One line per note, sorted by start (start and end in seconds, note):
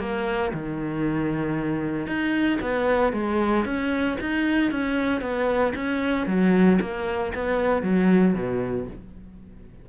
0.00 0.52 A#3
0.54 2.07 D#3
2.07 2.59 D#4
2.61 3.13 B3
3.13 3.65 G#3
3.66 4.18 C#4
4.21 4.71 D#4
4.71 5.22 C#4
5.22 5.74 B3
5.76 6.27 C#4
6.27 6.79 F#3
6.81 7.33 A#3
7.35 7.83 B3
7.83 8.35 F#3
8.35 8.87 B2